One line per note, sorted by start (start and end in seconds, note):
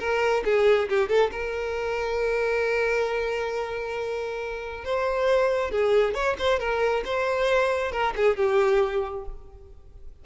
0.00 0.44 A#4
0.45 0.89 G#4
0.90 1.09 G4
1.09 1.31 A4
1.32 4.85 A#4
4.85 5.72 C5
5.72 6.15 G#4
6.15 6.37 C#5
6.39 6.60 C5
6.60 7.04 A#4
7.05 7.92 C5
7.92 8.14 A#4
8.17 8.37 G#4
8.37 9.25 G4